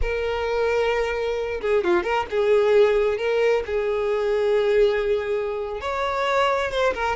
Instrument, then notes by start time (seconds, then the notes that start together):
violin
0.01 A#4
1.61 G#4
1.83 F4
2.03 A#4
2.30 G#4
3.17 A#4
3.65 G#4
5.81 C#5
6.71 C5
6.94 A#4